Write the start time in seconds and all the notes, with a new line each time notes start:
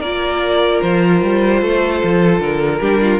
0.00 A#3 F4 A#4 D5
0.81 F3 C5
1.22 G3
1.60 A3 A4
2.03 F3
2.39 D3 A#4
2.80 G3 D4 G4
3.01 F4